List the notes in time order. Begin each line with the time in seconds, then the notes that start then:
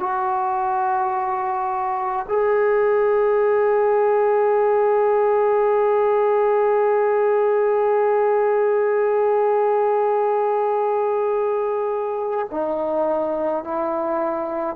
0.00 F#4
2.29 G#4
12.51 D#4
13.65 E4